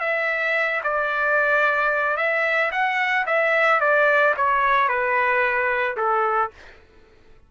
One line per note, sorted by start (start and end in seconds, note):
0.00 0.81 E5
0.84 2.17 D5
2.17 2.71 E5
2.71 3.26 F#5
3.27 3.80 E5
3.80 4.34 D5
4.37 4.88 C#5
4.88 5.96 B4
5.97 6.51 A4